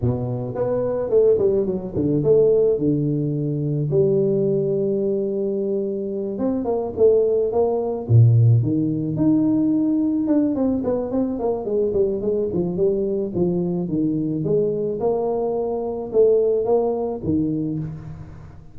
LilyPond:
\new Staff \with { instrumentName = "tuba" } { \time 4/4 \tempo 4 = 108 b,4 b4 a8 g8 fis8 d8 | a4 d2 g4~ | g2.~ g8 c'8 | ais8 a4 ais4 ais,4 dis8~ |
dis8 dis'2 d'8 c'8 b8 | c'8 ais8 gis8 g8 gis8 f8 g4 | f4 dis4 gis4 ais4~ | ais4 a4 ais4 dis4 | }